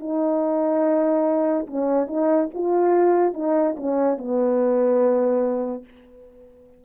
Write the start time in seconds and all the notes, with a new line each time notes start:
0.00 D#4
1.67 C#4
2.08 D#4
2.54 F4
3.34 D#4
3.77 C#4
4.18 B3